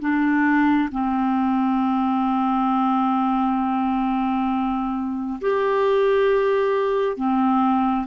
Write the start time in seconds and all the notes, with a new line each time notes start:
0.00 D4
0.92 C4
5.41 G4
7.17 C4